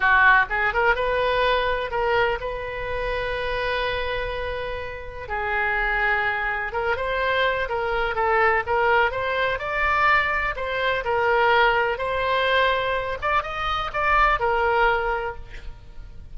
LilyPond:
\new Staff \with { instrumentName = "oboe" } { \time 4/4 \tempo 4 = 125 fis'4 gis'8 ais'8 b'2 | ais'4 b'2.~ | b'2. gis'4~ | gis'2 ais'8 c''4. |
ais'4 a'4 ais'4 c''4 | d''2 c''4 ais'4~ | ais'4 c''2~ c''8 d''8 | dis''4 d''4 ais'2 | }